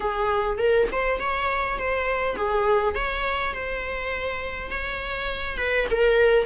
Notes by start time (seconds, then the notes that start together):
0.00 G#4
0.57 A#4
0.91 C5
1.19 C#5
1.78 C5
2.36 G#4
2.94 C#5
3.53 C5
4.70 C#5
5.57 B4
5.90 A#4